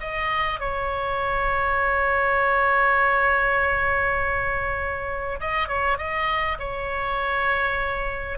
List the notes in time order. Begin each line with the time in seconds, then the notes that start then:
0.00 D#5
0.60 C#5
5.40 D#5
5.68 C#5
5.98 D#5
6.59 C#5